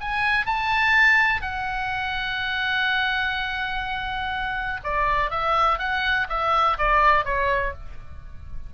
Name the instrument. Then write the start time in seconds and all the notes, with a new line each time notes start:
oboe
0.00 G#5
0.46 A5
1.41 F#5
4.83 D5
5.30 E5
5.78 F#5
6.29 E5
6.78 D5
7.24 C#5